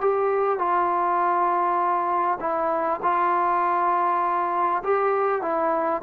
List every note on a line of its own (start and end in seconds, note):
0.00 0.58 G4
0.58 2.38 F4
2.40 3.00 E4
3.02 4.82 F4
4.83 5.42 G4
5.42 6.02 E4